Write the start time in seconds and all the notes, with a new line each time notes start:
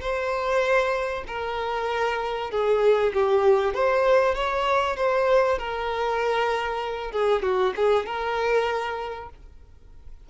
0.00 C5
1.27 A#4
2.51 G#4
3.13 G4
3.74 C5
4.34 C#5
4.96 C5
5.58 A#4
7.11 G#4
7.42 F#4
7.76 G#4
8.06 A#4